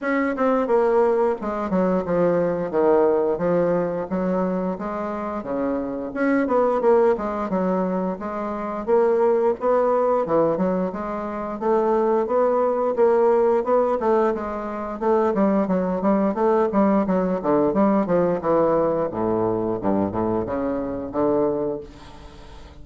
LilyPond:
\new Staff \with { instrumentName = "bassoon" } { \time 4/4 \tempo 4 = 88 cis'8 c'8 ais4 gis8 fis8 f4 | dis4 f4 fis4 gis4 | cis4 cis'8 b8 ais8 gis8 fis4 | gis4 ais4 b4 e8 fis8 |
gis4 a4 b4 ais4 | b8 a8 gis4 a8 g8 fis8 g8 | a8 g8 fis8 d8 g8 f8 e4 | a,4 g,8 a,8 cis4 d4 | }